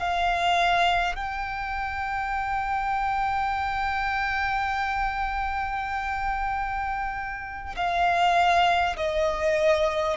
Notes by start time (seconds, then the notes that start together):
0.00 F5
1.16 G5
7.77 F5
8.97 D#5